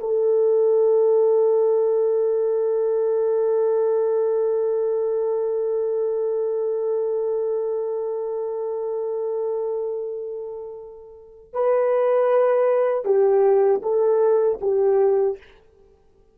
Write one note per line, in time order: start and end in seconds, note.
0.00 11.53 A4
11.53 13.05 B4
13.05 13.82 G4
13.83 14.60 A4
14.62 15.38 G4